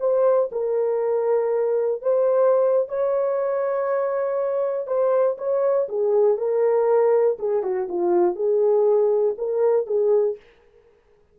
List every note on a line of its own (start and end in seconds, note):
0.00 0.50 C5
0.52 2.02 A#4
2.02 2.89 C5
2.89 4.87 C#5
4.87 5.37 C5
5.38 5.88 C#5
5.89 6.38 G#4
6.38 7.38 A#4
7.39 7.63 G#4
7.63 7.88 F#4
7.89 8.35 F4
8.35 9.35 G#4
9.38 9.87 A#4
9.87 10.37 G#4